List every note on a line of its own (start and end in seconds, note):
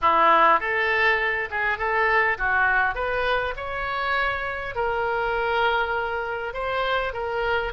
0.01 0.60 E4
0.60 1.49 A4
1.50 1.78 G#4
1.78 2.37 A4
2.38 2.94 F#4
2.94 3.54 B4
3.56 4.75 C#5
4.75 6.53 A#4
6.53 7.13 C5
7.13 7.72 A#4